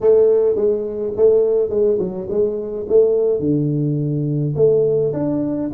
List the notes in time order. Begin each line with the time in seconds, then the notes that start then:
0.01 A3
0.55 G#3
1.16 A3
1.69 G#3
1.98 F#3
2.29 G#3
2.88 A3
3.39 D3
4.55 A3
5.13 D4